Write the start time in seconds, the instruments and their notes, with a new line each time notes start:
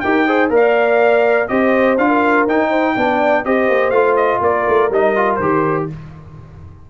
0.00 tuba D#4, trombone G4, horn A#4, trumpet G5
0.27 trombone G#4, horn C5
0.50 tuba A#3, trombone A#4, horn D5, trumpet F5
1.48 tuba C4, trombone G4, horn C5, trumpet D#5
1.98 tuba D4, trombone F4, trumpet F5
2.07 horn A#4
2.46 tuba D#4, trombone D#4, trumpet G5
2.69 horn C5
2.95 tuba B3, trombone D4, horn D5
3.44 tuba C4, trombone G4, horn C5, trumpet D#5
3.68 tuba A#3
3.90 tuba A3, trombone F4, trumpet F5
4.16 trumpet D#5
4.40 tuba A#3, horn A#4, trumpet D5
4.68 tuba A3
4.90 tuba G3, trombone D#4, trumpet D#5
5.16 trombone F4
5.35 tuba D#3, trombone G4, trumpet C5